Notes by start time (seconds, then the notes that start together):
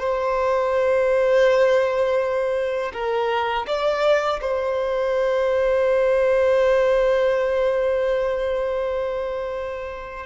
0.00 C5
2.94 A#4
3.67 D5
4.41 C5